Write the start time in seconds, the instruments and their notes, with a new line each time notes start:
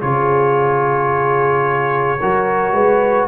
0.00 tuba C#3, trombone F4, horn G#4, trumpet C#5
2.20 tuba F#3, trombone F#4, horn A#4
2.72 tuba G#3, horn B4